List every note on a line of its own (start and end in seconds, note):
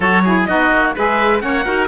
0.00 0.46 F#3
0.00 0.24 F#4
0.00 0.22 A4
0.00 0.44 C#5
0.24 0.48 E4
0.24 0.48 G#4
0.45 0.71 B3
0.45 0.95 D#4
0.45 0.95 F#4
0.45 0.92 D#5
0.71 0.94 A#3
0.95 1.43 G#3
0.95 1.39 G#4
0.95 1.42 B4
0.95 1.40 E5
1.39 1.65 A#3
1.39 1.63 C#4
1.39 1.64 C#5
1.39 1.87 F#5
1.64 1.87 D#4
1.64 1.87 F#4
1.64 1.87 A#4